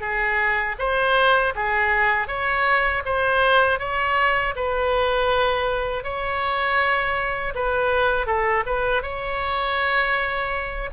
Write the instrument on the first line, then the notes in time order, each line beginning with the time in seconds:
oboe
0.00 G#4
0.78 C5
1.55 G#4
2.27 C#5
3.05 C5
3.79 C#5
4.55 B4
6.03 C#5
7.54 B4
8.26 A4
8.66 B4
9.02 C#5